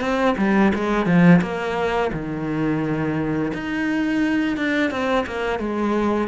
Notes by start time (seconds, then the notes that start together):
0.00 C4
0.37 G3
0.74 G#3
1.06 F3
1.41 A#3
2.12 D#3
3.53 D#4
4.56 D4
4.90 C4
5.26 A#3
5.59 G#3